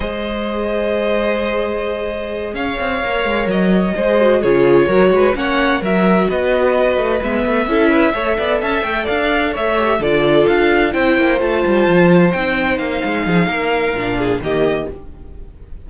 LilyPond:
<<
  \new Staff \with { instrumentName = "violin" } { \time 4/4 \tempo 4 = 129 dis''1~ | dis''4. f''2 dis''8~ | dis''4. cis''2 fis''8~ | fis''8 e''4 dis''2 e''8~ |
e''2~ e''8 a''8 g''8 f''8~ | f''8 e''4 d''4 f''4 g''8~ | g''8 a''2 g''4 f''8~ | f''2. dis''4 | }
  \new Staff \with { instrumentName = "violin" } { \time 4/4 c''1~ | c''4. cis''2~ cis''8~ | cis''8 c''4 gis'4 ais'8 b'8 cis''8~ | cis''8 ais'4 b'2~ b'8~ |
b'8 a'8 b'8 cis''8 d''8 e''4 d''8~ | d''8 cis''4 a'2 c''8~ | c''1~ | c''8 gis'8 ais'4. gis'8 g'4 | }
  \new Staff \with { instrumentName = "viola" } { \time 4/4 gis'1~ | gis'2~ gis'8 ais'4.~ | ais'8 gis'8 fis'8 f'4 fis'4 cis'8~ | cis'8 fis'2. b8~ |
b8 e'4 a'2~ a'8~ | a'4 g'8 f'2 e'8~ | e'8 f'2 dis'4.~ | dis'2 d'4 ais4 | }
  \new Staff \with { instrumentName = "cello" } { \time 4/4 gis1~ | gis4. cis'8 c'8 ais8 gis8 fis8~ | fis8 gis4 cis4 fis8 gis8 ais8~ | ais8 fis4 b4. a8 gis8 |
a8 cis'4 a8 b8 cis'8 a8 d'8~ | d'8 a4 d4 d'4 c'8 | ais8 a8 g8 f4 c'4 ais8 | gis8 f8 ais4 ais,4 dis4 | }
>>